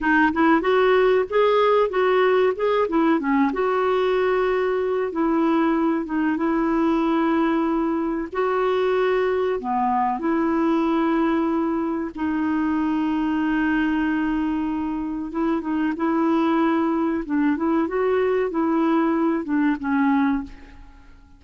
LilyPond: \new Staff \with { instrumentName = "clarinet" } { \time 4/4 \tempo 4 = 94 dis'8 e'8 fis'4 gis'4 fis'4 | gis'8 e'8 cis'8 fis'2~ fis'8 | e'4. dis'8 e'2~ | e'4 fis'2 b4 |
e'2. dis'4~ | dis'1 | e'8 dis'8 e'2 d'8 e'8 | fis'4 e'4. d'8 cis'4 | }